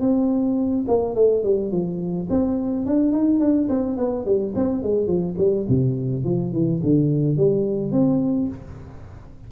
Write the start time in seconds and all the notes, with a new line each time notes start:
0.00 C4
0.87 A#3
1.14 A3
1.43 G3
1.71 F3
2.29 C4
2.86 D4
3.12 D#4
3.40 D4
3.68 C4
3.97 B3
4.25 G3
4.55 C4
4.82 G#3
5.07 F3
5.37 G3
5.68 C3
6.24 F3
6.52 E3
6.83 D3
7.37 G3
7.91 C4